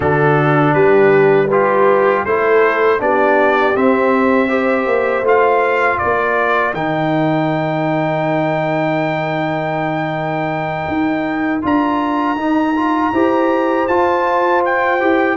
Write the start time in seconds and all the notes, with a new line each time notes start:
0.00 D3 D4 F#4 A4
0.73 G3 G4 B4
1.47 F4 G4 B4
2.25 A3 E4 A4 C5
2.99 B3 D4 G4 D5
3.75 C4 E5
4.48 G4 C5
4.86 A#3
5.22 A3 F4 F5
5.97 A#4 D5
6.04 A#3
6.73 D#3 D#4 G5
10.87 D#4
11.61 D4 F4 A#5
12.35 D#4
12.75 F4
13.12 E4 G4 C5
13.87 F4 A5
14.65 G5
15.00 E4 G4